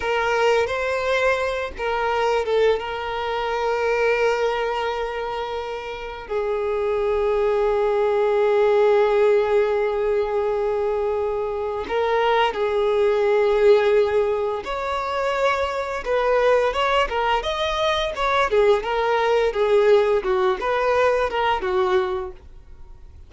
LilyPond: \new Staff \with { instrumentName = "violin" } { \time 4/4 \tempo 4 = 86 ais'4 c''4. ais'4 a'8 | ais'1~ | ais'4 gis'2.~ | gis'1~ |
gis'4 ais'4 gis'2~ | gis'4 cis''2 b'4 | cis''8 ais'8 dis''4 cis''8 gis'8 ais'4 | gis'4 fis'8 b'4 ais'8 fis'4 | }